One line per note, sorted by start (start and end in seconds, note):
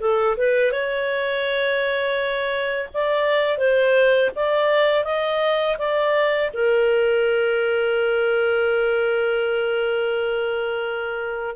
0.00 0.36 A4
0.37 0.72 B4
0.72 2.89 C#5
2.94 3.58 D5
3.58 4.30 C5
4.35 5.04 D5
5.04 5.77 D#5
5.78 6.51 D5
6.53 11.56 A#4